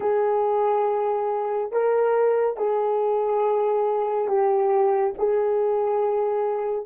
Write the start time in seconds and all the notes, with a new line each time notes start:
0.00 G#4
1.72 A#4
2.57 G#4
4.27 G4
5.17 G#4